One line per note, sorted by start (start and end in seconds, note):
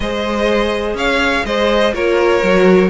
0.00 0.94 G#3
0.00 1.93 G#4
0.00 0.96 C5
0.00 0.96 D#5
0.94 1.42 C#4
0.94 1.44 C#5
0.94 1.45 F5
1.44 1.93 G#3
1.44 1.93 C5
1.44 1.94 D#5
1.93 2.42 A#3
1.93 2.42 F4
1.93 2.90 A#4
1.93 2.90 C#5
2.43 2.90 F#3
2.43 2.90 F#4